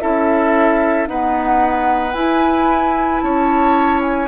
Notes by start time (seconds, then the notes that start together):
0.00 C#4 E4 A4 E5
1.07 B3 D#4 B4 F#5
2.13 E4 G#5
3.21 C#4 C#5 A5
4.02 G#5